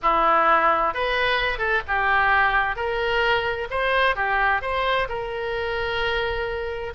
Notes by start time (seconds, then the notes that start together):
0.02 E4
0.94 B4
1.58 A4
1.87 G4
2.75 A#4
3.70 C5
4.15 G4
4.61 C5
5.09 A#4